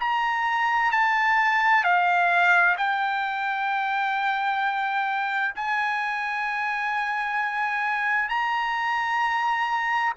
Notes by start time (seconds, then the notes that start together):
0.00 A#5
0.91 A5
1.84 F5
2.78 G5
5.56 G#5
8.29 A#5